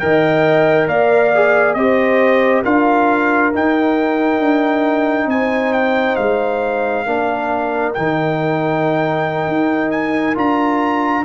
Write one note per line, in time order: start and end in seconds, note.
0.00 0.87 D#3
0.00 1.33 A#4
0.00 0.89 D#5
0.00 0.88 G5
0.87 1.75 A#3
0.87 1.77 D5
0.87 1.74 F5
1.35 1.77 G#4
1.74 2.63 C4
1.74 2.65 G4
1.74 2.63 C5
1.74 2.62 D#5
2.63 3.54 D4
2.63 3.53 F4
2.63 5.28 A#4
2.63 3.53 F5
3.54 7.07 D#4
3.54 4.40 D#4
3.54 5.30 G5
4.40 5.27 D4
5.27 6.15 C4
5.27 7.07 C5
5.27 5.74 G#5
5.74 6.16 G5
6.16 7.06 G#3
6.16 7.93 F5
7.06 7.95 A#3
7.06 7.95 D4
7.06 11.25 A#4
7.94 9.48 D#3
7.94 10.35 D#4
7.94 9.91 G5
9.48 10.36 D#4
9.91 10.35 G#5
10.35 11.25 D4
10.35 11.23 F4
10.35 11.25 A#5